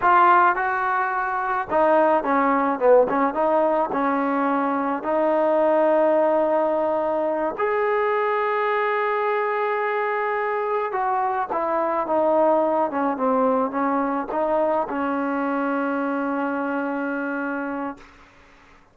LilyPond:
\new Staff \with { instrumentName = "trombone" } { \time 4/4 \tempo 4 = 107 f'4 fis'2 dis'4 | cis'4 b8 cis'8 dis'4 cis'4~ | cis'4 dis'2.~ | dis'4. gis'2~ gis'8~ |
gis'2.~ gis'8 fis'8~ | fis'8 e'4 dis'4. cis'8 c'8~ | c'8 cis'4 dis'4 cis'4.~ | cis'1 | }